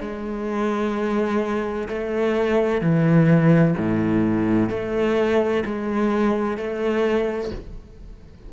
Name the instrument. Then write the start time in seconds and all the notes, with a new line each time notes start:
cello
0.00 G#3
1.88 A3
2.81 E3
3.77 A2
4.69 A3
5.65 G#3
6.57 A3